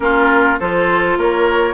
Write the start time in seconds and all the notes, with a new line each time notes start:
0.00 A#3 C#4 F4 A#4
0.59 F3 F4 A4 C5
1.16 A#3 A#4 C#5